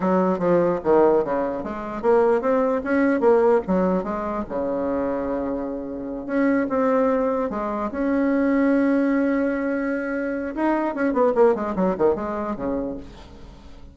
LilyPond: \new Staff \with { instrumentName = "bassoon" } { \time 4/4 \tempo 4 = 148 fis4 f4 dis4 cis4 | gis4 ais4 c'4 cis'4 | ais4 fis4 gis4 cis4~ | cis2.~ cis8 cis'8~ |
cis'8 c'2 gis4 cis'8~ | cis'1~ | cis'2 dis'4 cis'8 b8 | ais8 gis8 fis8 dis8 gis4 cis4 | }